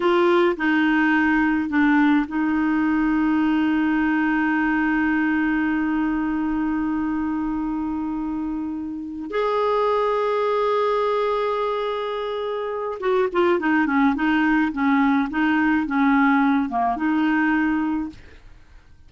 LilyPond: \new Staff \with { instrumentName = "clarinet" } { \time 4/4 \tempo 4 = 106 f'4 dis'2 d'4 | dis'1~ | dis'1~ | dis'1~ |
dis'8 gis'2.~ gis'8~ | gis'2. fis'8 f'8 | dis'8 cis'8 dis'4 cis'4 dis'4 | cis'4. ais8 dis'2 | }